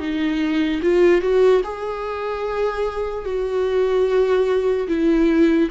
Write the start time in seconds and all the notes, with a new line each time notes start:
0.00 D#4
0.83 F4
1.22 F#4
1.64 G#4
3.25 F#4
4.88 E4